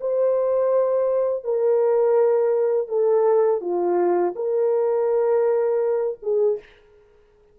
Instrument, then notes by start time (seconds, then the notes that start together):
horn
0.00 C5
1.44 A#4
2.88 A4
3.61 F4
4.35 A#4
6.22 G#4